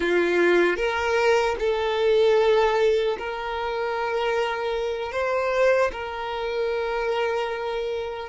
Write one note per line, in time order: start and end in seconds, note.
0.00 0.76 F4
0.76 1.55 A#4
1.59 3.17 A4
3.18 5.12 A#4
5.12 5.91 C5
5.92 8.29 A#4